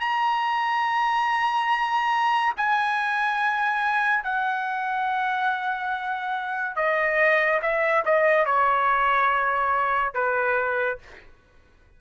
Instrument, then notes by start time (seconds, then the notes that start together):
trumpet
0.00 A#5
2.57 G#5
4.23 F#5
6.76 D#5
7.62 E5
8.05 D#5
8.45 C#5
10.14 B4